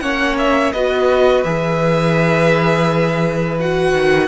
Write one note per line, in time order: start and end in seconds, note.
0.00 0.72 A#3
0.00 0.73 C#4
0.00 0.74 C#5
0.00 0.36 F#5
0.38 0.73 E5
0.73 1.44 B3
0.73 1.45 F#4
0.73 4.28 B4
0.73 1.44 D#5
1.44 3.93 E3
1.44 3.59 G#4
1.44 3.58 E5
3.60 4.28 F#4
3.60 4.28 F#5
3.93 4.28 D#3